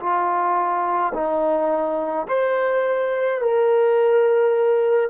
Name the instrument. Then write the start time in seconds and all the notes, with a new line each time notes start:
trombone
0.00 F4
1.14 D#4
2.28 C5
3.41 A#4